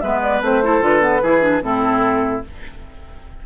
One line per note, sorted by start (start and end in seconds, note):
0.00 0.41 G#3
0.00 0.42 B3
0.00 0.64 B4
0.00 0.20 E5
0.22 0.42 D5
0.41 0.81 A3
0.41 0.62 C4
0.41 0.84 C5
0.63 0.81 E4
0.63 1.22 A4
0.81 1.21 D3
0.81 1.01 F4
0.81 1.63 B4
1.01 1.21 B3
1.22 1.61 E3
1.22 1.41 E4
1.22 1.62 G#4
1.41 1.61 D4
1.61 2.42 A2
1.61 2.42 C4
1.61 2.46 E4
1.61 2.44 A4